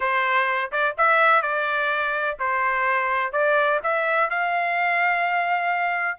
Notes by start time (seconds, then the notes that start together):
0.00 C5
0.71 D5
0.97 E5
1.42 D5
2.39 C5
3.32 D5
3.83 E5
4.29 F5